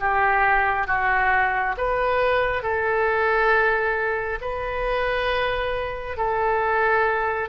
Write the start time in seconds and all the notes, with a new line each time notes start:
0.00 G4
0.87 F#4
1.78 B4
2.63 A4
4.42 B4
6.17 A4